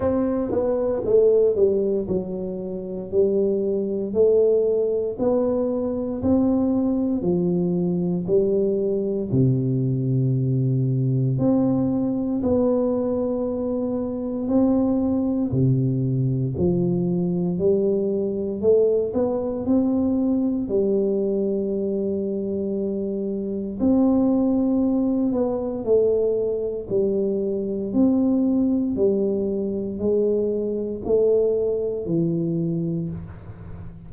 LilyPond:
\new Staff \with { instrumentName = "tuba" } { \time 4/4 \tempo 4 = 58 c'8 b8 a8 g8 fis4 g4 | a4 b4 c'4 f4 | g4 c2 c'4 | b2 c'4 c4 |
f4 g4 a8 b8 c'4 | g2. c'4~ | c'8 b8 a4 g4 c'4 | g4 gis4 a4 e4 | }